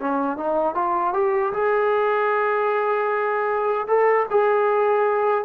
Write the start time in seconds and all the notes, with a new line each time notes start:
0.00 C#4
0.37 D#4
0.74 F4
1.13 G4
1.52 G#4
3.87 A4
4.30 G#4